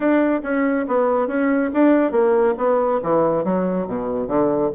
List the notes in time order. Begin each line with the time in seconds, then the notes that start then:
0.00 D4
0.43 C#4
0.87 B3
1.27 C#4
1.73 D4
2.11 A#3
2.57 B3
3.03 E3
3.44 F#3
3.87 B2
4.27 D3